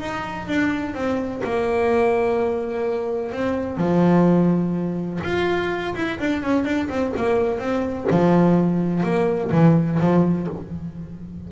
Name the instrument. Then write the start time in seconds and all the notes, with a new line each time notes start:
double bass
0.00 D#4
0.48 D4
0.95 C4
1.44 A#3
3.33 C4
3.78 F3
5.24 F4
5.95 E4
6.20 D4
6.43 C#4
6.65 D4
6.90 C4
7.17 A#3
7.59 C4
8.11 F3
9.04 A#3
9.52 E3
10.00 F3